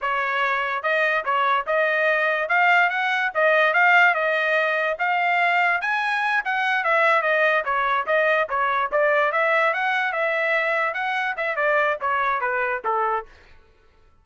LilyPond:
\new Staff \with { instrumentName = "trumpet" } { \time 4/4 \tempo 4 = 145 cis''2 dis''4 cis''4 | dis''2 f''4 fis''4 | dis''4 f''4 dis''2 | f''2 gis''4. fis''8~ |
fis''8 e''4 dis''4 cis''4 dis''8~ | dis''8 cis''4 d''4 e''4 fis''8~ | fis''8 e''2 fis''4 e''8 | d''4 cis''4 b'4 a'4 | }